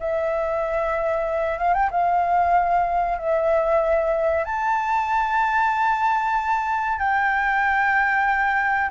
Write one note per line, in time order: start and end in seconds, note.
0.00 1.58 E5
1.58 1.74 F5
1.74 1.90 G5
1.91 3.19 F5
3.19 4.45 E5
4.45 6.99 A5
6.99 8.91 G5